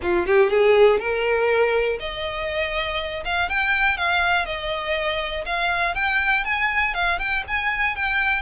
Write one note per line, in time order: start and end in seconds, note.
0.01 0.26 F4
0.26 0.50 G4
0.50 0.99 G#4
0.99 1.98 A#4
1.99 3.23 D#5
3.25 3.49 F5
3.49 3.97 G5
3.97 4.45 F5
4.45 5.44 D#5
5.45 5.95 F5
5.95 6.44 G5
6.44 6.94 G#5
6.94 7.18 F5
7.18 7.43 G5
7.47 7.95 G#5
7.95 8.42 G5